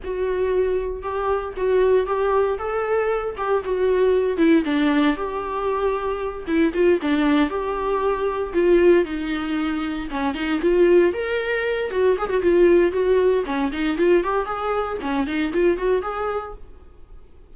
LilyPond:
\new Staff \with { instrumentName = "viola" } { \time 4/4 \tempo 4 = 116 fis'2 g'4 fis'4 | g'4 a'4. g'8 fis'4~ | fis'8 e'8 d'4 g'2~ | g'8 e'8 f'8 d'4 g'4.~ |
g'8 f'4 dis'2 cis'8 | dis'8 f'4 ais'4. fis'8 gis'16 fis'16 | f'4 fis'4 cis'8 dis'8 f'8 g'8 | gis'4 cis'8 dis'8 f'8 fis'8 gis'4 | }